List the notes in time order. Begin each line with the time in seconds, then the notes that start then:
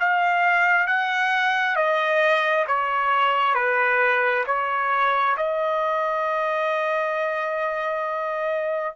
0.00 F5
0.87 F#5
1.76 D#5
2.67 C#5
3.55 B4
4.46 C#5
5.37 D#5